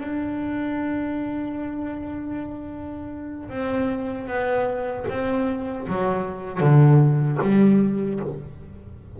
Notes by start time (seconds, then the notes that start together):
0.00 D4
3.49 C4
4.27 B3
5.09 C4
5.87 F#3
6.60 D3
7.42 G3